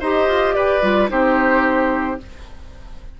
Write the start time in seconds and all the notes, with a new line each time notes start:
0.00 D#4 G4 C5 D#5
0.27 F4
0.53 G4 B4 D5
0.81 G3 F4
1.08 C4 D#4 G4 C5